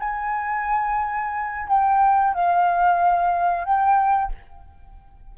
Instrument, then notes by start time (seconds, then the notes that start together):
flute
0.00 G#5
1.68 G5
2.34 F5
3.65 G5